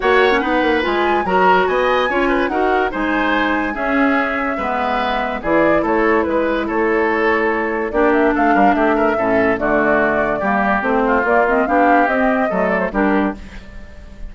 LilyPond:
<<
  \new Staff \with { instrumentName = "flute" } { \time 4/4 \tempo 4 = 144 fis''2 gis''4 ais''4 | gis''2 fis''4 gis''4~ | gis''4 e''2.~ | e''4 d''4 cis''4 b'4 |
cis''2. d''8 e''8 | f''4 e''2 d''4~ | d''2 c''4 d''8 dis''8 | f''4 dis''4. d''16 c''16 ais'4 | }
  \new Staff \with { instrumentName = "oboe" } { \time 4/4 cis''4 b'2 ais'4 | dis''4 cis''8 b'8 ais'4 c''4~ | c''4 gis'2 b'4~ | b'4 gis'4 a'4 b'4 |
a'2. g'4 | a'8 ais'8 g'8 ais'8 a'4 fis'4~ | fis'4 g'4. f'4. | g'2 a'4 g'4 | }
  \new Staff \with { instrumentName = "clarinet" } { \time 4/4 fis'8. cis'16 dis'4 f'4 fis'4~ | fis'4 f'4 fis'4 dis'4~ | dis'4 cis'2 b4~ | b4 e'2.~ |
e'2. d'4~ | d'2 cis'4 a4~ | a4 ais4 c'4 ais8 c'8 | d'4 c'4 a4 d'4 | }
  \new Staff \with { instrumentName = "bassoon" } { \time 4/4 ais4 b8 ais8 gis4 fis4 | b4 cis'4 dis'4 gis4~ | gis4 cis'2 gis4~ | gis4 e4 a4 gis4 |
a2. ais4 | a8 g8 a4 a,4 d4~ | d4 g4 a4 ais4 | b4 c'4 fis4 g4 | }
>>